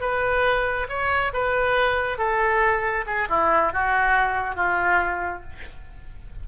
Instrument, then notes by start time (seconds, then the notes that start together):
oboe
0.00 B4
0.89 C#5
1.33 B4
2.18 A4
3.06 G#4
3.29 E4
3.73 F#4
4.56 F4